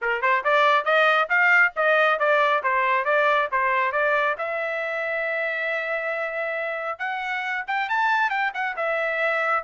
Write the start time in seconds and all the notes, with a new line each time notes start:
0.01 A#4
0.21 C5
0.44 D5
0.84 D#5
1.29 F5
1.76 D#5
2.19 D5
2.63 C5
3.04 D5
3.51 C5
3.92 D5
4.38 E5
6.98 F#5
7.67 G5
7.89 A5
8.30 G5
8.54 F#5
8.76 E5